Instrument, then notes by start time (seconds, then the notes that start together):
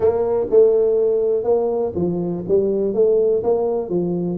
tuba
0.00 A#3
0.50 A3
1.43 A#3
1.95 F3
2.48 G3
2.94 A3
3.43 A#3
3.89 F3